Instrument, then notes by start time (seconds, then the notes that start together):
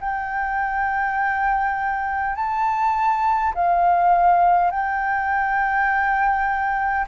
flute
0.00 G5
2.35 A5
3.55 F5
4.71 G5